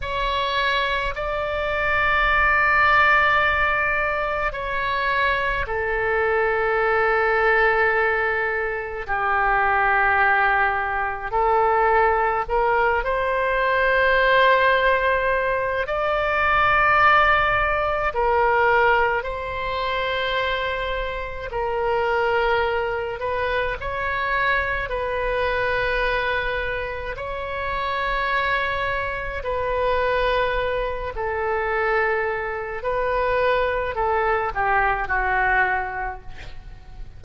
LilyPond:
\new Staff \with { instrumentName = "oboe" } { \time 4/4 \tempo 4 = 53 cis''4 d''2. | cis''4 a'2. | g'2 a'4 ais'8 c''8~ | c''2 d''2 |
ais'4 c''2 ais'4~ | ais'8 b'8 cis''4 b'2 | cis''2 b'4. a'8~ | a'4 b'4 a'8 g'8 fis'4 | }